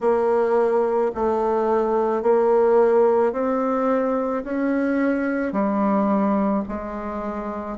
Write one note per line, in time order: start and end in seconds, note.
0.00 1.11 A#3
1.14 2.22 A3
2.22 3.32 A#3
3.32 4.43 C4
4.44 5.52 C#4
5.52 6.63 G3
6.68 7.77 G#3